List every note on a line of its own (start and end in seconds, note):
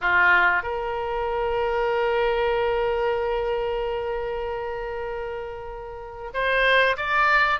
0.01 0.63 F4
0.63 6.31 A#4
6.33 6.96 C5
6.96 7.60 D5